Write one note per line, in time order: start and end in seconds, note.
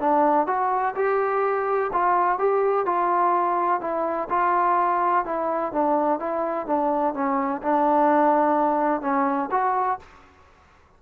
0.00 0.47 D4
0.47 0.95 F#4
0.95 1.91 G4
1.93 2.38 F4
2.38 2.86 G4
2.86 3.81 F4
3.81 4.28 E4
4.30 5.25 F4
5.25 5.73 E4
5.73 6.19 D4
6.19 6.67 E4
6.67 7.14 D4
7.14 7.62 C#4
7.62 9.02 D4
9.02 9.49 C#4
9.51 9.99 F#4